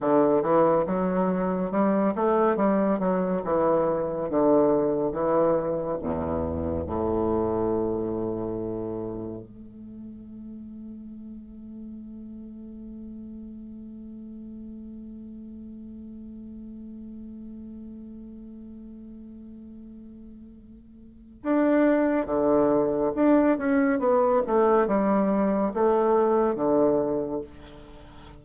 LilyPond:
\new Staff \with { instrumentName = "bassoon" } { \time 4/4 \tempo 4 = 70 d8 e8 fis4 g8 a8 g8 fis8 | e4 d4 e4 e,4 | a,2. a4~ | a1~ |
a1~ | a1~ | a4 d'4 d4 d'8 cis'8 | b8 a8 g4 a4 d4 | }